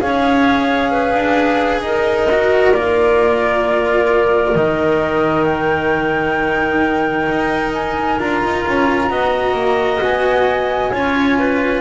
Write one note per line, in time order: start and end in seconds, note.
0.00 1.14 C#4
0.00 2.27 G#4
0.00 0.91 C#5
0.00 1.82 F5
0.91 1.82 B4
1.14 1.81 D4
1.81 2.72 D#4
1.81 9.11 A#4
1.81 2.73 D#5
2.31 2.74 F#4
2.73 4.55 A#3
2.73 4.56 F4
2.73 4.55 D5
4.55 7.28 D#3
4.55 8.20 D#4
4.55 5.45 D#5
5.45 7.72 G5
7.29 8.20 D#4
7.74 8.20 G#5
8.20 8.43 D4
8.20 9.10 F4
8.20 10.02 A#5
8.44 8.66 D#4
8.67 9.10 C#4
9.10 9.55 B3
9.10 10.92 F#4
9.10 10.92 D#5
9.55 10.00 A#3
10.02 10.92 B3
10.02 11.81 G#5
10.92 11.81 C#4
10.92 11.81 F4
10.92 11.37 C#5
11.39 11.81 B4